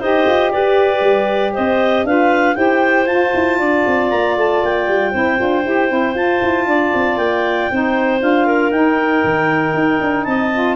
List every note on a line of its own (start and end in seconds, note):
0.00 0.26 D#4
0.00 2.07 G4
0.00 0.51 C5
0.00 0.51 D#5
0.27 0.53 F4
0.51 1.01 G4
0.51 1.53 B4
0.51 1.54 D5
1.01 1.52 G3
1.53 2.04 C4
1.53 2.05 C5
1.53 2.06 D#5
2.04 2.55 D4
2.04 2.55 F4
2.04 2.57 B4
2.04 2.56 F5
2.55 3.07 E4
2.55 3.06 G4
2.55 3.59 C5
2.55 3.07 G5
3.07 3.33 F4
3.07 5.14 F4
3.07 4.10 A5
3.35 3.60 E4
3.59 3.86 D4
3.59 5.12 D5
3.87 4.12 C4
4.10 4.37 A#3
4.10 4.36 A#5
4.37 4.63 A3
4.37 4.65 A5
4.63 4.88 A#3
4.63 6.17 G5
4.88 5.14 G3
5.12 5.40 C4
5.12 5.38 E4
5.12 6.65 C5
5.38 5.66 D4
5.38 5.64 F4
5.65 5.91 E4
5.65 5.89 G4
5.89 6.15 C4
5.89 6.14 E4
6.15 6.40 F4
6.15 7.71 F4
6.15 7.18 A5
6.42 6.67 E4
6.67 6.92 D4
6.67 7.72 D5
6.95 7.18 C4
7.18 7.69 A#3
7.18 8.20 G5
7.72 8.22 C4
7.72 8.20 D#4
7.72 8.47 C5
8.20 8.71 D4
8.20 8.71 F4
8.20 8.72 F5
8.47 10.26 A#4
8.71 9.22 D#4
8.71 10.51 D#4
8.71 10.24 G5
9.24 9.74 D#3
9.74 10.00 D#4
10.02 10.26 D4
10.24 10.76 C4
10.24 10.76 D#5
10.24 10.76 A5
10.53 10.76 F4